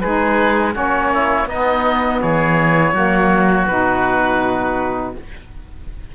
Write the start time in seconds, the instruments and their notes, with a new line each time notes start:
0.00 cello G#3, saxophone D#4, oboe G#4 B4
0.72 cello A#3, saxophone C#4, oboe F#4 C#5
1.13 oboe E4
1.45 cello B3, saxophone B3, oboe D#4 D#5
2.21 cello E3, oboe G#4 C#5
2.93 cello F#3, saxophone A#3, oboe F#4
3.66 cello B2, saxophone D#4, oboe B4